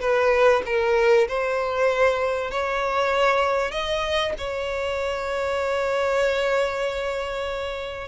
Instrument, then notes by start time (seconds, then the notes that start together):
violin
0.00 B4
0.65 A#4
1.28 C5
2.51 C#5
3.71 D#5
4.37 C#5